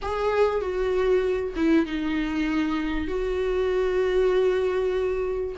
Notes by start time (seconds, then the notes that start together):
0.01 G#4
0.61 F#4
1.55 E4
1.86 D#4
3.07 F#4